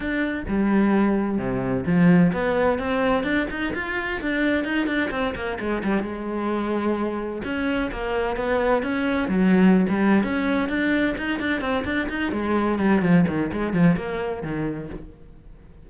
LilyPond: \new Staff \with { instrumentName = "cello" } { \time 4/4 \tempo 4 = 129 d'4 g2 c4 | f4 b4 c'4 d'8 dis'8 | f'4 d'4 dis'8 d'8 c'8 ais8 | gis8 g8 gis2. |
cis'4 ais4 b4 cis'4 | fis4~ fis16 g8. cis'4 d'4 | dis'8 d'8 c'8 d'8 dis'8 gis4 g8 | f8 dis8 gis8 f8 ais4 dis4 | }